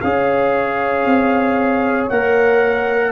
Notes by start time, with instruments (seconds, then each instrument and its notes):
0.00 tuba C#4, trombone G#4, horn C#5, trumpet F5
1.05 tuba C4
2.09 tuba A#3, trombone A#4, trumpet F#5